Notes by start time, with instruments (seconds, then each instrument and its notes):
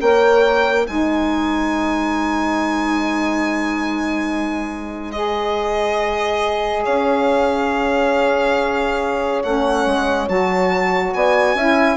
0.00 bassoon A#3, saxophone A#4, horn C#5, violin G5
0.84 bassoon G#3, saxophone D#4, horn C5, violin G#5
5.11 saxophone G#4, violin D#5
6.83 bassoon C#4, horn C#5, violin F5
9.42 bassoon A3, saxophone C#4, violin F#5
9.86 bassoon G#3
10.28 bassoon F#3, saxophone F#4, violin A5
11.13 bassoon B3, horn D5, violin G#5
11.55 bassoon C#4, saxophone E4, horn E5